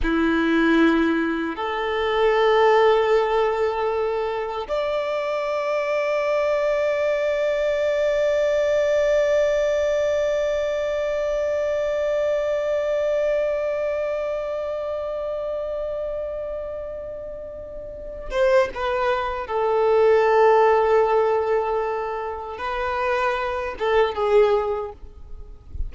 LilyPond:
\new Staff \with { instrumentName = "violin" } { \time 4/4 \tempo 4 = 77 e'2 a'2~ | a'2 d''2~ | d''1~ | d''1~ |
d''1~ | d''2.~ d''8 c''8 | b'4 a'2.~ | a'4 b'4. a'8 gis'4 | }